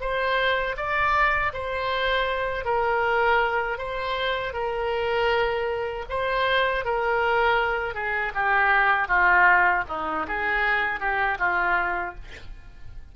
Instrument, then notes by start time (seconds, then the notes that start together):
oboe
0.00 C5
0.76 D5
1.53 C5
2.65 A#4
3.78 C5
4.53 A#4
6.09 C5
6.85 A#4
7.94 G#4
8.34 G4
9.08 F4
9.88 D#4
10.27 G#4
11.00 G4
11.39 F4